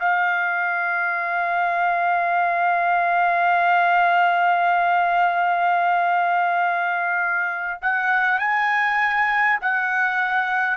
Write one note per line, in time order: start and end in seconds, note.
0.00 7.80 F5
7.82 8.39 F#5
8.39 9.59 G#5
9.61 10.77 F#5